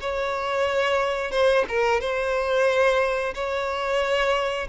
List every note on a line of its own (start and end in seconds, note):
0.00 1.31 C#5
1.31 1.64 C5
1.68 2.00 A#4
2.00 3.34 C5
3.34 4.67 C#5